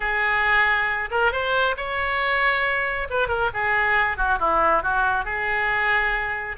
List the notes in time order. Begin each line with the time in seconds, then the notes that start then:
0.00 G#4
1.11 A#4
1.32 C5
1.76 C#5
3.10 B4
3.28 A#4
3.53 G#4
4.17 F#4
4.39 E4
4.83 F#4
5.25 G#4